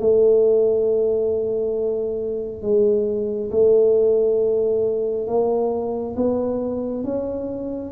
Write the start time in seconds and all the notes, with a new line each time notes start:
0.00 A3
2.62 G#3
3.51 A3
5.27 A#3
6.16 B3
7.04 C#4